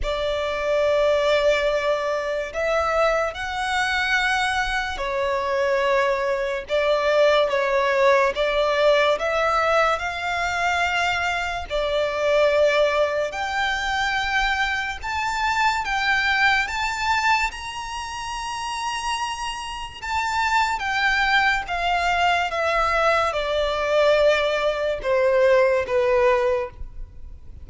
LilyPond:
\new Staff \with { instrumentName = "violin" } { \time 4/4 \tempo 4 = 72 d''2. e''4 | fis''2 cis''2 | d''4 cis''4 d''4 e''4 | f''2 d''2 |
g''2 a''4 g''4 | a''4 ais''2. | a''4 g''4 f''4 e''4 | d''2 c''4 b'4 | }